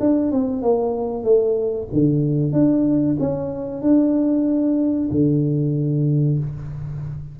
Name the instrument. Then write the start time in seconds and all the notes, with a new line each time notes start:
tuba
0.00 D4
0.31 C4
0.62 A#3
1.24 A3
1.92 D3
2.52 D4
3.19 C#4
3.82 D4
5.11 D3